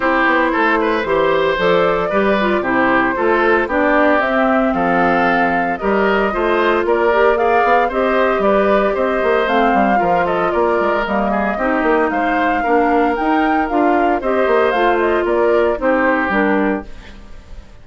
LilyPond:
<<
  \new Staff \with { instrumentName = "flute" } { \time 4/4 \tempo 4 = 114 c''2. d''4~ | d''4 c''2 d''4 | e''4 f''2 dis''4~ | dis''4 d''4 f''4 dis''4 |
d''4 dis''4 f''4. dis''8 | d''4 dis''2 f''4~ | f''4 g''4 f''4 dis''4 | f''8 dis''8 d''4 c''4 ais'4 | }
  \new Staff \with { instrumentName = "oboe" } { \time 4/4 g'4 a'8 b'8 c''2 | b'4 g'4 a'4 g'4~ | g'4 a'2 ais'4 | c''4 ais'4 d''4 c''4 |
b'4 c''2 ais'8 a'8 | ais'4. gis'8 g'4 c''4 | ais'2. c''4~ | c''4 ais'4 g'2 | }
  \new Staff \with { instrumentName = "clarinet" } { \time 4/4 e'2 g'4 a'4 | g'8 f'8 e'4 f'4 d'4 | c'2. g'4 | f'4. g'8 gis'4 g'4~ |
g'2 c'4 f'4~ | f'4 ais4 dis'2 | d'4 dis'4 f'4 g'4 | f'2 dis'4 d'4 | }
  \new Staff \with { instrumentName = "bassoon" } { \time 4/4 c'8 b8 a4 e4 f4 | g4 c4 a4 b4 | c'4 f2 g4 | a4 ais4. b8 c'4 |
g4 c'8 ais8 a8 g8 f4 | ais8 gis8 g4 c'8 ais8 gis4 | ais4 dis'4 d'4 c'8 ais8 | a4 ais4 c'4 g4 | }
>>